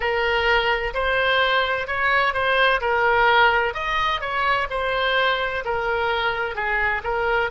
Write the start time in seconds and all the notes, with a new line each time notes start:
0.00 A#4
0.94 C5
1.87 C#5
2.33 C5
2.80 A#4
3.73 D#5
4.21 C#5
4.70 C5
5.64 A#4
6.55 G#4
7.03 A#4